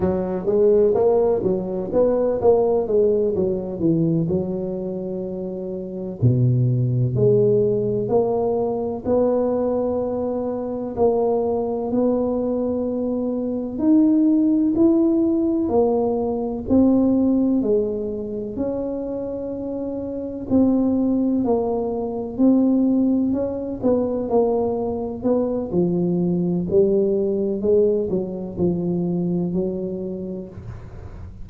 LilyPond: \new Staff \with { instrumentName = "tuba" } { \time 4/4 \tempo 4 = 63 fis8 gis8 ais8 fis8 b8 ais8 gis8 fis8 | e8 fis2 b,4 gis8~ | gis8 ais4 b2 ais8~ | ais8 b2 dis'4 e'8~ |
e'8 ais4 c'4 gis4 cis'8~ | cis'4. c'4 ais4 c'8~ | c'8 cis'8 b8 ais4 b8 f4 | g4 gis8 fis8 f4 fis4 | }